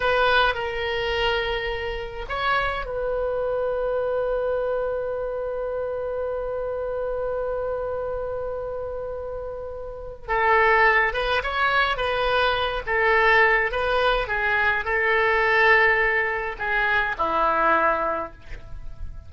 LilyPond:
\new Staff \with { instrumentName = "oboe" } { \time 4/4 \tempo 4 = 105 b'4 ais'2. | cis''4 b'2.~ | b'1~ | b'1~ |
b'2 a'4. b'8 | cis''4 b'4. a'4. | b'4 gis'4 a'2~ | a'4 gis'4 e'2 | }